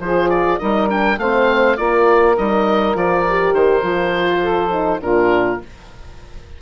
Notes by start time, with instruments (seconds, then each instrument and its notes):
0.00 bassoon F3, horn F4, saxophone G#4, oboe C5
0.30 oboe D5
0.59 bassoon G3, horn D#4, saxophone A#4, oboe D#5
0.89 horn D4, oboe G5
1.18 bassoon A3, horn C4, saxophone C5, oboe F5
1.78 bassoon A#3, horn F4, saxophone A#4, oboe D5
2.38 bassoon G3, horn D#4, oboe D#5
2.95 bassoon F3, horn F4, oboe D5
3.29 horn G4
3.54 bassoon D#3, oboe C5
3.83 bassoon F3, horn F4
4.42 saxophone A4
4.71 horn D#4
5.02 bassoon A#2, horn D4, saxophone F4, oboe A#4